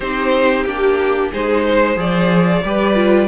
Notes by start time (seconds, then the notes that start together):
0.00 C4 D#4 G4 C5
0.65 A#3 D4 G4
1.31 G#3 D#4 G#4 C5
1.65 C5
1.96 F3 G#4 D5
2.64 G3 G4 B4
2.94 F4